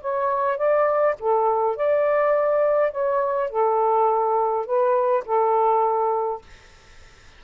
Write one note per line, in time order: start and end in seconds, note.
0.00 0.57 C#5
0.57 1.15 D5
1.19 1.76 A4
1.76 2.91 D5
2.91 3.49 C#5
3.49 4.65 A4
4.65 5.24 B4
5.25 6.41 A4